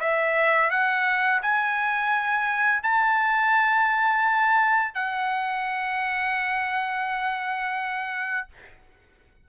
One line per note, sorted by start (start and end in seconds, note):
0.00 0.70 E5
0.70 1.41 F#5
1.42 2.82 G#5
2.82 4.94 A5
4.94 8.47 F#5